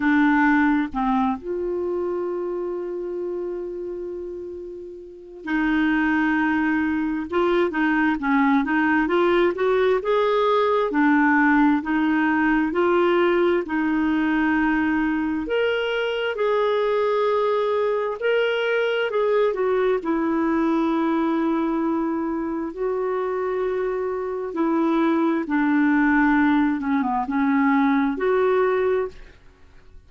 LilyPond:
\new Staff \with { instrumentName = "clarinet" } { \time 4/4 \tempo 4 = 66 d'4 c'8 f'2~ f'8~ | f'2 dis'2 | f'8 dis'8 cis'8 dis'8 f'8 fis'8 gis'4 | d'4 dis'4 f'4 dis'4~ |
dis'4 ais'4 gis'2 | ais'4 gis'8 fis'8 e'2~ | e'4 fis'2 e'4 | d'4. cis'16 b16 cis'4 fis'4 | }